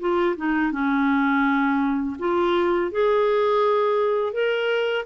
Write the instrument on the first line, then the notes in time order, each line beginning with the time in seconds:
clarinet
0.00 F4
0.37 D#4
0.72 C#4
2.19 F4
2.92 G#4
4.33 A#4